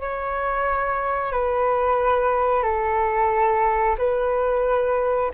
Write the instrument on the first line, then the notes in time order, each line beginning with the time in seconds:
flute
0.00 C#5
1.32 B4
2.62 A4
3.98 B4